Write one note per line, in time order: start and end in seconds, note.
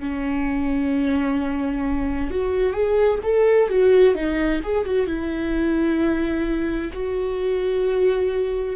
0.00 2.31 C#4
2.31 2.73 F#4
2.73 3.19 G#4
3.23 3.69 A4
3.69 4.15 F#4
4.15 4.61 D#4
4.63 4.85 G#4
4.85 5.06 F#4
5.06 6.91 E4
6.93 8.76 F#4